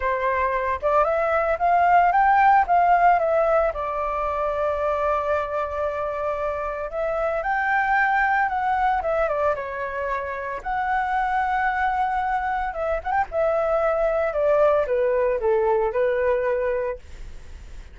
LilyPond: \new Staff \with { instrumentName = "flute" } { \time 4/4 \tempo 4 = 113 c''4. d''8 e''4 f''4 | g''4 f''4 e''4 d''4~ | d''1~ | d''4 e''4 g''2 |
fis''4 e''8 d''8 cis''2 | fis''1 | e''8 fis''16 g''16 e''2 d''4 | b'4 a'4 b'2 | }